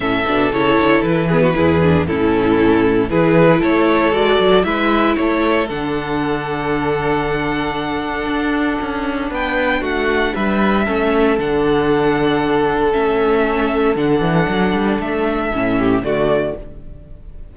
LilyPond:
<<
  \new Staff \with { instrumentName = "violin" } { \time 4/4 \tempo 4 = 116 e''4 cis''4 b'2 | a'2 b'4 cis''4 | d''4 e''4 cis''4 fis''4~ | fis''1~ |
fis''2 g''4 fis''4 | e''2 fis''2~ | fis''4 e''2 fis''4~ | fis''4 e''2 d''4 | }
  \new Staff \with { instrumentName = "violin" } { \time 4/4 a'2~ a'8 gis'16 fis'16 gis'4 | e'2 gis'4 a'4~ | a'4 b'4 a'2~ | a'1~ |
a'2 b'4 fis'4 | b'4 a'2.~ | a'1~ | a'2~ a'8 g'8 fis'4 | }
  \new Staff \with { instrumentName = "viola" } { \time 4/4 cis'8 d'8 e'4. b8 e'8 d'8 | cis'2 e'2 | fis'4 e'2 d'4~ | d'1~ |
d'1~ | d'4 cis'4 d'2~ | d'4 cis'2 d'4~ | d'2 cis'4 a4 | }
  \new Staff \with { instrumentName = "cello" } { \time 4/4 a,8 b,8 cis8 d8 e4 e,4 | a,2 e4 a4 | gis8 fis8 gis4 a4 d4~ | d1 |
d'4 cis'4 b4 a4 | g4 a4 d2~ | d4 a2 d8 e8 | fis8 g8 a4 a,4 d4 | }
>>